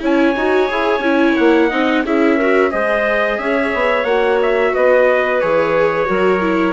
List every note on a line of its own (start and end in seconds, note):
0.00 0.35 C#4
0.00 0.34 E4
0.00 1.69 C#5
0.00 1.37 G#5
0.36 0.70 D#4
0.36 0.69 F#4
0.69 0.99 E4
0.69 1.03 G#4
0.99 1.33 C#4
0.99 1.71 E4
1.37 1.72 A#3
1.37 2.04 F#5
1.69 2.05 C4
1.69 2.05 D#4
1.69 2.03 D#5
2.05 2.72 C#4
2.05 2.40 E4
2.05 2.36 G#4
2.05 2.72 E5
2.36 2.71 F#4
2.36 2.70 A#4
2.71 3.38 G#3
2.71 4.05 G#4
2.71 3.39 C5
2.71 3.39 D#5
3.38 3.72 C#4
3.38 4.74 C#5
3.38 4.04 E5
3.74 4.04 B3
4.04 4.72 A#3
4.04 5.41 F#4
4.04 4.38 F#5
4.42 4.75 E5
4.74 5.43 B3
4.74 6.08 B4
4.74 5.41 D#5
5.41 6.09 E3
5.41 6.06 G#4
5.41 6.73 C#5
6.06 6.73 F#3
6.06 6.39 F#4
6.06 6.73 A#4
6.41 6.73 E4